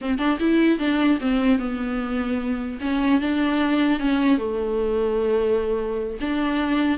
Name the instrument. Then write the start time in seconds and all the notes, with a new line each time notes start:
viola
0.01 C4
0.18 D4
0.39 E4
0.78 D4
1.21 C4
1.59 B3
2.80 C#4
3.20 D4
3.99 C#4
4.38 A3
6.21 D4